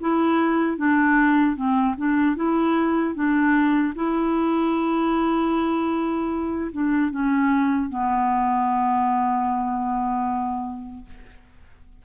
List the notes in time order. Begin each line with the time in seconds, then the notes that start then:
0.00 E4
0.77 D4
1.56 C4
1.97 D4
2.36 E4
3.15 D4
3.95 E4
6.72 D4
7.11 C#4
7.89 B3